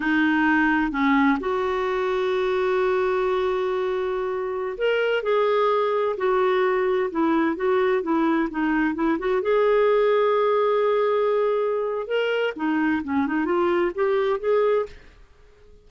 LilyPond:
\new Staff \with { instrumentName = "clarinet" } { \time 4/4 \tempo 4 = 129 dis'2 cis'4 fis'4~ | fis'1~ | fis'2~ fis'16 ais'4 gis'8.~ | gis'4~ gis'16 fis'2 e'8.~ |
e'16 fis'4 e'4 dis'4 e'8 fis'16~ | fis'16 gis'2.~ gis'8.~ | gis'2 ais'4 dis'4 | cis'8 dis'8 f'4 g'4 gis'4 | }